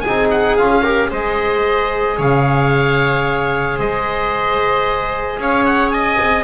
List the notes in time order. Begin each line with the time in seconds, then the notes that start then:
0.00 G#4 G#5
0.07 C4 D#4
0.30 F#5
0.56 C#4 F4 F5
0.83 G4 A#4
1.10 G#3 G#4 C5 D#5
2.17 C#3 C#5 F5
3.77 G#3 C5 D#5
5.37 C#4 C#5 F5
5.65 F#5
5.91 D#5 G#5
6.20 C4